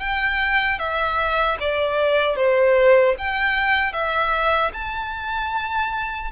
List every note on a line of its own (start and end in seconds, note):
0.00 0.79 G5
0.79 1.58 E5
1.60 2.36 D5
2.36 3.15 C5
3.18 3.93 G5
3.93 4.72 E5
4.73 6.31 A5